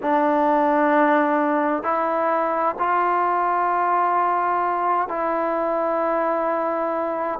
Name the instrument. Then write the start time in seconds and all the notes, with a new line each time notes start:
trombone
0.02 D4
1.83 E4
2.78 F4
5.08 E4